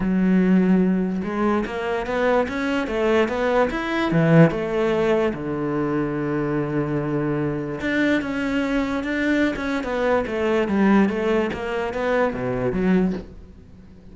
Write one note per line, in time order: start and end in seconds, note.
0.00 1.22 F#3
1.23 1.65 G#3
1.66 2.06 A#3
2.06 2.47 B3
2.48 2.87 C#4
2.87 3.28 A3
3.28 3.69 B3
3.70 4.11 E4
4.11 4.50 E3
4.50 5.33 A3
5.33 7.80 D3
7.80 8.21 D4
8.21 9.03 C#4
9.03 9.55 D4
9.55 9.83 C#4
9.83 10.24 B3
10.26 10.68 A3
10.68 11.09 G3
11.09 11.50 A3
11.53 11.93 A#3
11.93 12.33 B3
12.33 12.72 B2
12.72 13.13 F#3